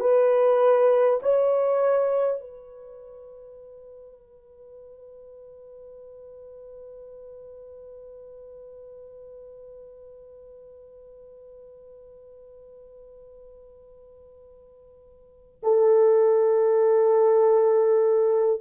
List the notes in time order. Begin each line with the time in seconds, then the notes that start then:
0.00 B4
1.23 C#5
2.41 B4
15.63 A4